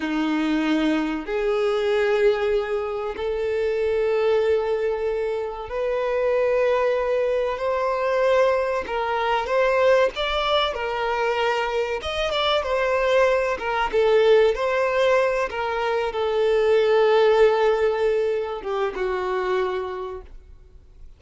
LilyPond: \new Staff \with { instrumentName = "violin" } { \time 4/4 \tempo 4 = 95 dis'2 gis'2~ | gis'4 a'2.~ | a'4 b'2. | c''2 ais'4 c''4 |
d''4 ais'2 dis''8 d''8 | c''4. ais'8 a'4 c''4~ | c''8 ais'4 a'2~ a'8~ | a'4. g'8 fis'2 | }